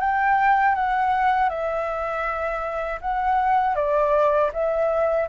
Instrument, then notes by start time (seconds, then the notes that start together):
flute
0.00 G5
0.75 F#5
1.49 E5
3.01 F#5
3.75 D5
4.53 E5